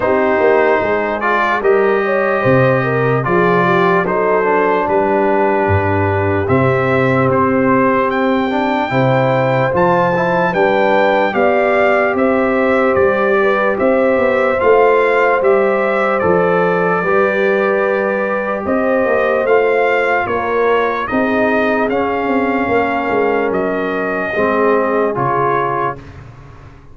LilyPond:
<<
  \new Staff \with { instrumentName = "trumpet" } { \time 4/4 \tempo 4 = 74 c''4. d''8 dis''2 | d''4 c''4 b'2 | e''4 c''4 g''2 | a''4 g''4 f''4 e''4 |
d''4 e''4 f''4 e''4 | d''2. dis''4 | f''4 cis''4 dis''4 f''4~ | f''4 dis''2 cis''4 | }
  \new Staff \with { instrumentName = "horn" } { \time 4/4 g'4 gis'4 ais'8 cis''8 c''8 ais'8 | gis'8 g'8 a'4 g'2~ | g'2. c''4~ | c''4 b'4 d''4 c''4~ |
c''8 b'8 c''2.~ | c''4 b'2 c''4~ | c''4 ais'4 gis'2 | ais'2 gis'2 | }
  \new Staff \with { instrumentName = "trombone" } { \time 4/4 dis'4. f'8 g'2 | f'4 dis'8 d'2~ d'8 | c'2~ c'8 d'8 e'4 | f'8 e'8 d'4 g'2~ |
g'2 f'4 g'4 | a'4 g'2. | f'2 dis'4 cis'4~ | cis'2 c'4 f'4 | }
  \new Staff \with { instrumentName = "tuba" } { \time 4/4 c'8 ais8 gis4 g4 c4 | f4 fis4 g4 g,4 | c4 c'2 c4 | f4 g4 b4 c'4 |
g4 c'8 b8 a4 g4 | f4 g2 c'8 ais8 | a4 ais4 c'4 cis'8 c'8 | ais8 gis8 fis4 gis4 cis4 | }
>>